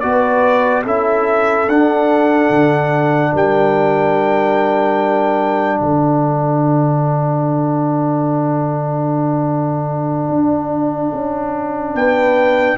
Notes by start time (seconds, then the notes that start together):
0.00 B3 F#4 B4 D5
0.84 C#4 E4 A4 E5
1.67 D4 F#5
2.50 D3
3.33 G3 A#4 G5
5.79 D3 A4 F#5
10.29 D4
11.13 C#4
11.94 B3 B4 G5